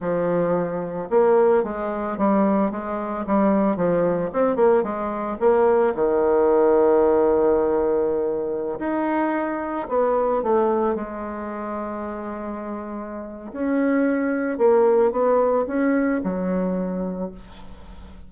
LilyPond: \new Staff \with { instrumentName = "bassoon" } { \time 4/4 \tempo 4 = 111 f2 ais4 gis4 | g4 gis4 g4 f4 | c'8 ais8 gis4 ais4 dis4~ | dis1~ |
dis16 dis'2 b4 a8.~ | a16 gis2.~ gis8.~ | gis4 cis'2 ais4 | b4 cis'4 fis2 | }